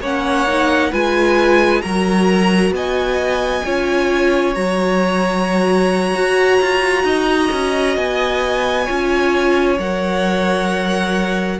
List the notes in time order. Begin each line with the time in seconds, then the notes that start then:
0.00 A#3 C#4 C#5 F#5
0.47 D#4
0.91 G#3 F4 B4 G#5
1.81 F#3 F#4 A#4 A#5
2.71 B3 D#5 G#5
3.65 C#4 F4 C#5
4.54 F#3 F#4 A#5
6.14 F#4
6.61 F4
7.03 D#4 D#5
7.52 C#4
7.96 B3 G#5
8.84 C#4 F4 C#5
9.78 F#3 A#4 F#5